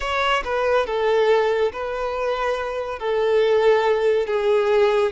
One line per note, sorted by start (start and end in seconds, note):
0.00 0.43 C#5
0.44 0.86 B4
0.86 1.72 A4
1.72 2.99 B4
2.99 4.26 A4
4.26 5.12 G#4